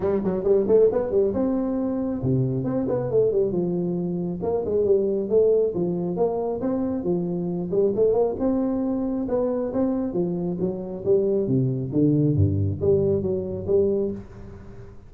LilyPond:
\new Staff \with { instrumentName = "tuba" } { \time 4/4 \tempo 4 = 136 g8 fis8 g8 a8 b8 g8 c'4~ | c'4 c4 c'8 b8 a8 g8 | f2 ais8 gis8 g4 | a4 f4 ais4 c'4 |
f4. g8 a8 ais8 c'4~ | c'4 b4 c'4 f4 | fis4 g4 c4 d4 | g,4 g4 fis4 g4 | }